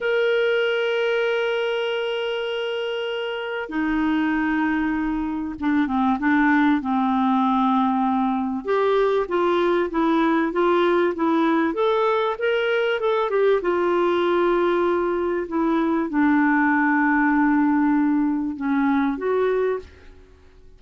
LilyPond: \new Staff \with { instrumentName = "clarinet" } { \time 4/4 \tempo 4 = 97 ais'1~ | ais'2 dis'2~ | dis'4 d'8 c'8 d'4 c'4~ | c'2 g'4 f'4 |
e'4 f'4 e'4 a'4 | ais'4 a'8 g'8 f'2~ | f'4 e'4 d'2~ | d'2 cis'4 fis'4 | }